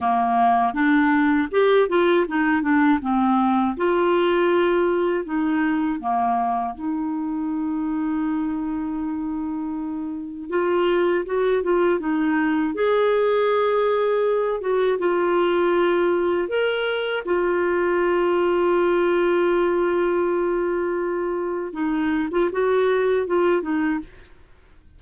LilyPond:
\new Staff \with { instrumentName = "clarinet" } { \time 4/4 \tempo 4 = 80 ais4 d'4 g'8 f'8 dis'8 d'8 | c'4 f'2 dis'4 | ais4 dis'2.~ | dis'2 f'4 fis'8 f'8 |
dis'4 gis'2~ gis'8 fis'8 | f'2 ais'4 f'4~ | f'1~ | f'4 dis'8. f'16 fis'4 f'8 dis'8 | }